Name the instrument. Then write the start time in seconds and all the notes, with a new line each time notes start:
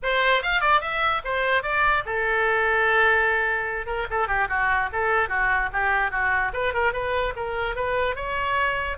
oboe
0.02 C5
0.42 F5
0.60 D5
0.80 E5
1.24 C5
1.62 D5
2.05 A4
3.86 A#4
4.10 A4
4.27 G4
4.48 F#4
4.92 A4
5.28 F#4
5.72 G4
6.11 F#4
6.53 B4
6.73 A#4
6.93 B4
7.36 A#4
7.75 B4
8.15 C#5